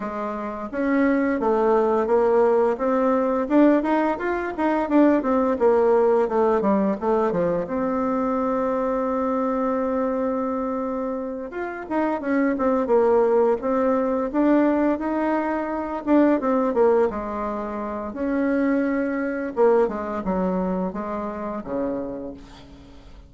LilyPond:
\new Staff \with { instrumentName = "bassoon" } { \time 4/4 \tempo 4 = 86 gis4 cis'4 a4 ais4 | c'4 d'8 dis'8 f'8 dis'8 d'8 c'8 | ais4 a8 g8 a8 f8 c'4~ | c'1~ |
c'8 f'8 dis'8 cis'8 c'8 ais4 c'8~ | c'8 d'4 dis'4. d'8 c'8 | ais8 gis4. cis'2 | ais8 gis8 fis4 gis4 cis4 | }